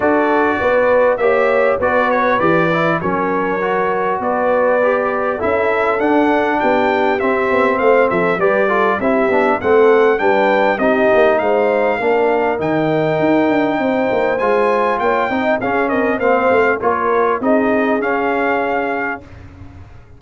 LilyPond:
<<
  \new Staff \with { instrumentName = "trumpet" } { \time 4/4 \tempo 4 = 100 d''2 e''4 d''8 cis''8 | d''4 cis''2 d''4~ | d''4 e''4 fis''4 g''4 | e''4 f''8 e''8 d''4 e''4 |
fis''4 g''4 dis''4 f''4~ | f''4 g''2. | gis''4 g''4 f''8 dis''8 f''4 | cis''4 dis''4 f''2 | }
  \new Staff \with { instrumentName = "horn" } { \time 4/4 a'4 b'4 cis''4 b'4~ | b'4 ais'2 b'4~ | b'4 a'2 g'4~ | g'4 c''8 a'8 b'8 a'8 g'4 |
a'4 b'4 g'4 c''4 | ais'2. c''4~ | c''4 cis''8 dis''8 gis'8 ais'8 c''4 | ais'4 gis'2. | }
  \new Staff \with { instrumentName = "trombone" } { \time 4/4 fis'2 g'4 fis'4 | g'8 e'8 cis'4 fis'2 | g'4 e'4 d'2 | c'2 g'8 f'8 e'8 d'8 |
c'4 d'4 dis'2 | d'4 dis'2. | f'4. dis'8 cis'4 c'4 | f'4 dis'4 cis'2 | }
  \new Staff \with { instrumentName = "tuba" } { \time 4/4 d'4 b4 ais4 b4 | e4 fis2 b4~ | b4 cis'4 d'4 b4 | c'8 b8 a8 f8 g4 c'8 b8 |
a4 g4 c'8 ais8 gis4 | ais4 dis4 dis'8 d'8 c'8 ais8 | gis4 ais8 c'8 cis'8 c'8 ais8 a8 | ais4 c'4 cis'2 | }
>>